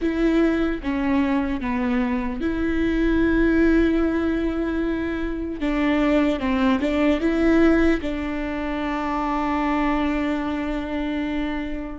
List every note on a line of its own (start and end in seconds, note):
0.01 0.81 E4
0.83 1.60 C#4
1.60 2.40 B3
2.40 5.60 E4
5.60 6.39 D4
6.39 6.79 C4
6.80 7.20 D4
7.20 8.00 E4
8.01 11.98 D4